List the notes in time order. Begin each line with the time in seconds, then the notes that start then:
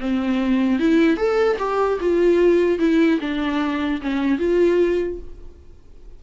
0.00 C4
0.79 E4
1.17 A4
1.59 G4
2.00 F4
2.79 E4
3.20 D4
4.02 C#4
4.38 F4